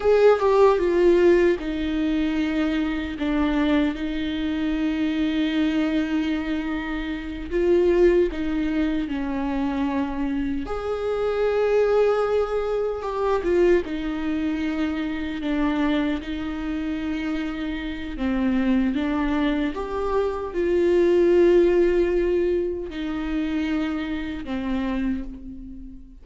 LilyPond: \new Staff \with { instrumentName = "viola" } { \time 4/4 \tempo 4 = 76 gis'8 g'8 f'4 dis'2 | d'4 dis'2.~ | dis'4. f'4 dis'4 cis'8~ | cis'4. gis'2~ gis'8~ |
gis'8 g'8 f'8 dis'2 d'8~ | d'8 dis'2~ dis'8 c'4 | d'4 g'4 f'2~ | f'4 dis'2 c'4 | }